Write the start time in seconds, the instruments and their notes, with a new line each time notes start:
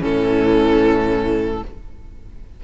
0.00 cello A2, viola E3, violin C#4 A4